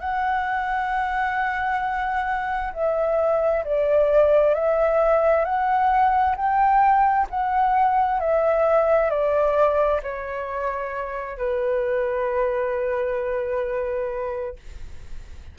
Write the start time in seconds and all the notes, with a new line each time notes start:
0.00 F#5
2.73 E5
3.64 D5
4.55 E5
5.45 F#5
6.36 G5
7.30 F#5
8.20 E5
9.10 D5
10.02 C#5
11.38 B4